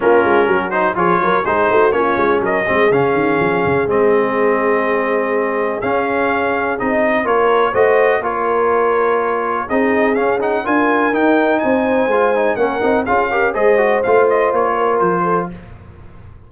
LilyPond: <<
  \new Staff \with { instrumentName = "trumpet" } { \time 4/4 \tempo 4 = 124 ais'4. c''8 cis''4 c''4 | cis''4 dis''4 f''2 | dis''1 | f''2 dis''4 cis''4 |
dis''4 cis''2. | dis''4 f''8 fis''8 gis''4 g''4 | gis''2 fis''4 f''4 | dis''4 f''8 dis''8 cis''4 c''4 | }
  \new Staff \with { instrumentName = "horn" } { \time 4/4 f'4 fis'4 gis'8 ais'8 gis'8 fis'8 | f'4 ais'8 gis'2~ gis'8~ | gis'1~ | gis'2. ais'4 |
c''4 ais'2. | gis'2 ais'2 | c''2 ais'4 gis'8 ais'8 | c''2~ c''8 ais'4 a'8 | }
  \new Staff \with { instrumentName = "trombone" } { \time 4/4 cis'4. dis'8 f'4 dis'4 | cis'4. c'8 cis'2 | c'1 | cis'2 dis'4 f'4 |
fis'4 f'2. | dis'4 cis'8 dis'8 f'4 dis'4~ | dis'4 f'8 dis'8 cis'8 dis'8 f'8 g'8 | gis'8 fis'8 f'2. | }
  \new Staff \with { instrumentName = "tuba" } { \time 4/4 ais8 gis8 fis4 f8 fis8 gis8 a8 | ais8 gis8 fis8 gis8 cis8 dis8 f8 cis8 | gis1 | cis'2 c'4 ais4 |
a4 ais2. | c'4 cis'4 d'4 dis'4 | c'4 gis4 ais8 c'8 cis'4 | gis4 a4 ais4 f4 | }
>>